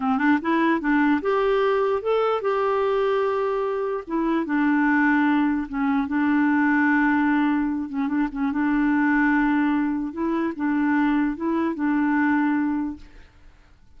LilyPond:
\new Staff \with { instrumentName = "clarinet" } { \time 4/4 \tempo 4 = 148 c'8 d'8 e'4 d'4 g'4~ | g'4 a'4 g'2~ | g'2 e'4 d'4~ | d'2 cis'4 d'4~ |
d'2.~ d'8 cis'8 | d'8 cis'8 d'2.~ | d'4 e'4 d'2 | e'4 d'2. | }